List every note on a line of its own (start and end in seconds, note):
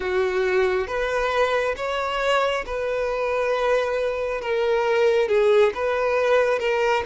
0.00 0.87 F#4
0.87 1.75 B4
1.76 2.64 C#5
2.66 4.41 B4
4.41 5.28 A#4
5.28 5.72 G#4
5.74 6.59 B4
6.59 7.03 A#4